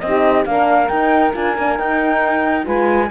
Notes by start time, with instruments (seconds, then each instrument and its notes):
0.00 cello C4, flute D#5
0.06 horn D#4, saxophone G4
0.45 cello A#3, horn D4, saxophone A#4, flute F5
0.88 horn D#4, cello D#4, flute G5
1.33 cello D4, horn F4, flute G#5
1.57 cello A#3, horn D4
1.76 horn D#4, cello D#4, flute G5
2.64 cello G#3, horn F4, saxophone B4, flute G#5